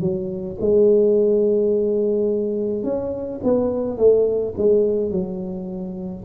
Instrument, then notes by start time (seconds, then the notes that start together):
tuba
0.00 F#3
0.60 G#3
2.84 C#4
3.43 B3
3.97 A3
4.57 G#3
5.11 F#3